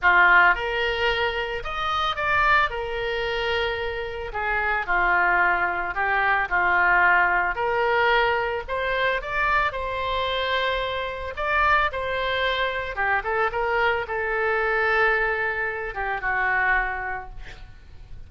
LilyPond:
\new Staff \with { instrumentName = "oboe" } { \time 4/4 \tempo 4 = 111 f'4 ais'2 dis''4 | d''4 ais'2. | gis'4 f'2 g'4 | f'2 ais'2 |
c''4 d''4 c''2~ | c''4 d''4 c''2 | g'8 a'8 ais'4 a'2~ | a'4. g'8 fis'2 | }